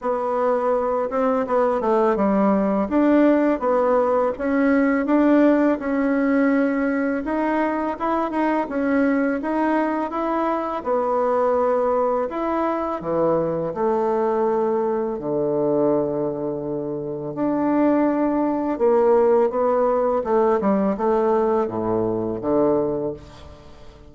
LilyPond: \new Staff \with { instrumentName = "bassoon" } { \time 4/4 \tempo 4 = 83 b4. c'8 b8 a8 g4 | d'4 b4 cis'4 d'4 | cis'2 dis'4 e'8 dis'8 | cis'4 dis'4 e'4 b4~ |
b4 e'4 e4 a4~ | a4 d2. | d'2 ais4 b4 | a8 g8 a4 a,4 d4 | }